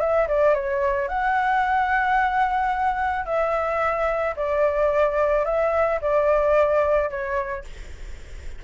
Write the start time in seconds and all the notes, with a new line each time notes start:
0.00 E5
0.28 D5
0.54 C#5
1.08 F#5
3.25 E5
4.36 D5
5.45 E5
6.01 D5
7.10 C#5